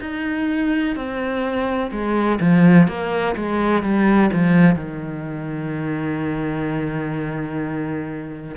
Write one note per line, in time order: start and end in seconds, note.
0.00 0.95 D#4
0.96 1.91 C4
1.91 2.39 G#3
2.40 2.87 F3
2.87 3.35 A#3
3.35 3.82 G#3
3.82 4.30 G3
4.32 4.75 F3
4.75 8.56 D#3